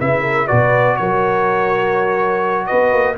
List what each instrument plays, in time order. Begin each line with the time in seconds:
0.00 tuba C#3, trombone E4, horn B4, trumpet E5
0.22 horn A#4
0.48 tuba B2, trombone F#4, horn B4, trumpet D5
0.96 tuba F#3, horn A#4, trumpet C#5
2.66 tuba B3, horn B4, trumpet D#5
2.93 tuba A#3